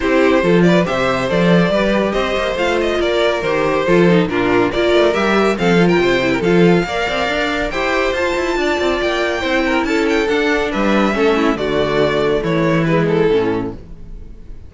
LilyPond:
<<
  \new Staff \with { instrumentName = "violin" } { \time 4/4 \tempo 4 = 140 c''4. d''8 e''4 d''4~ | d''4 dis''4 f''8 dis''8 d''4 | c''2 ais'4 d''4 | e''4 f''8. g''4~ g''16 f''4~ |
f''2 g''4 a''4~ | a''4 g''2 a''8 g''8 | fis''4 e''2 d''4~ | d''4 cis''4 b'8 a'4. | }
  \new Staff \with { instrumentName = "violin" } { \time 4/4 g'4 a'8 b'8 c''2 | b'4 c''2 ais'4~ | ais'4 a'4 f'4 ais'4~ | ais'4 a'8. ais'16 c''8. ais'16 a'4 |
d''2 c''2 | d''2 c''8 ais'8 a'4~ | a'4 b'4 a'8 e'8 fis'4~ | fis'4 e'2. | }
  \new Staff \with { instrumentName = "viola" } { \time 4/4 e'4 f'4 g'4 a'4 | g'2 f'2 | g'4 f'8 dis'8 d'4 f'4 | g'4 c'8 f'4 e'8 f'4 |
ais'2 g'4 f'4~ | f'2 e'2 | d'2 cis'4 a4~ | a2 gis4 cis'4 | }
  \new Staff \with { instrumentName = "cello" } { \time 4/4 c'4 f4 c4 f4 | g4 c'8 ais8 a4 ais4 | dis4 f4 ais,4 ais8 a8 | g4 f4 c4 f4 |
ais8 c'8 d'4 e'4 f'8 e'8 | d'8 c'8 ais4 c'4 cis'4 | d'4 g4 a4 d4~ | d4 e2 a,4 | }
>>